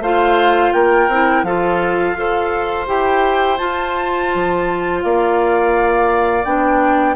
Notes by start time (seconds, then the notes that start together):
0.00 A3 F4 C5 F5
0.73 A#3 A#4 G5
1.08 C4 E4
1.43 F3 F4 A4 F5
2.13 F4 A4 C5
2.87 E4 G4 G5
3.58 F4 A5
4.35 F3
5.02 A#3 D5 F5
6.45 B3 D4 G5